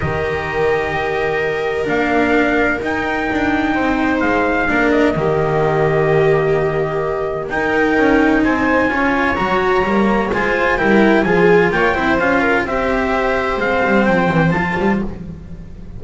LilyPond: <<
  \new Staff \with { instrumentName = "trumpet" } { \time 4/4 \tempo 4 = 128 dis''1 | f''2 g''2~ | g''4 f''4. dis''4.~ | dis''1 |
g''2 gis''2 | ais''2 gis''4 g''4 | gis''4 g''4 f''4 e''4~ | e''4 f''4 g''4 a''4 | }
  \new Staff \with { instrumentName = "viola" } { \time 4/4 ais'1~ | ais'1 | c''2 ais'4 g'4~ | g'1 |
ais'2 c''4 cis''4~ | cis''2 c''4 ais'4 | gis'4 cis''8 c''4 ais'8 c''4~ | c''1 | }
  \new Staff \with { instrumentName = "cello" } { \time 4/4 g'1 | d'2 dis'2~ | dis'2 d'4 ais4~ | ais1 |
dis'2. f'4 | fis'4 ais4 f'4 e'4 | f'4. e'8 f'4 g'4~ | g'4 c'2 f'4 | }
  \new Staff \with { instrumentName = "double bass" } { \time 4/4 dis1 | ais2 dis'4 d'4 | c'4 gis4 ais4 dis4~ | dis1 |
dis'4 cis'4 c'4 cis'4 | fis4 g4 gis4 g4 | f4 ais8 c'8 cis'4 c'4~ | c'4 gis8 g8 f8 e8 f8 g8 | }
>>